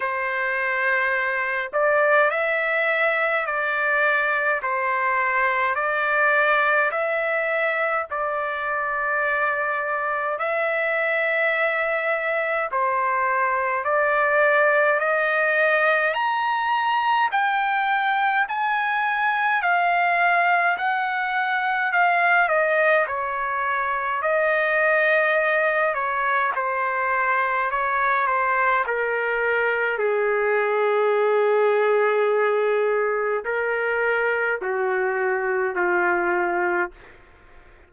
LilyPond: \new Staff \with { instrumentName = "trumpet" } { \time 4/4 \tempo 4 = 52 c''4. d''8 e''4 d''4 | c''4 d''4 e''4 d''4~ | d''4 e''2 c''4 | d''4 dis''4 ais''4 g''4 |
gis''4 f''4 fis''4 f''8 dis''8 | cis''4 dis''4. cis''8 c''4 | cis''8 c''8 ais'4 gis'2~ | gis'4 ais'4 fis'4 f'4 | }